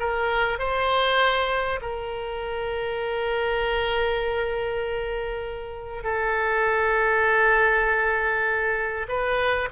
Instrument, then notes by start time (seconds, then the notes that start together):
oboe
0.00 A#4
0.59 C5
1.82 A#4
6.04 A4
9.09 B4